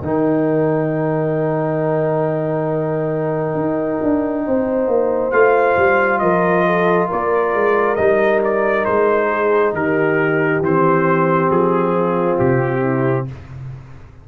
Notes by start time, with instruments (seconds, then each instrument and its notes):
0.00 tuba D#3, trombone D#4, horn A#4, trumpet G5
3.54 tuba D#4
4.02 tuba D4
4.47 tuba C4, horn C5
4.87 tuba A#3
5.31 tuba A3, trombone F4, trumpet F5
5.77 tuba G3
6.19 tuba F3, horn A#4, trumpet D#5
6.66 horn A4
7.08 tuba A#3, horn A#4, trumpet D5
7.53 tuba G#3
7.95 tuba G3, trombone D#4, trumpet D#5
8.44 trumpet D5
8.85 tuba G#3, trumpet C5
9.29 horn G#4
9.72 tuba D#3, horn G4, trumpet A#4
10.61 tuba E3, trombone C4, trumpet C5
11.50 tuba F3, trumpet G#4
11.94 horn F4
12.38 tuba C3, trumpet G4
12.80 horn E4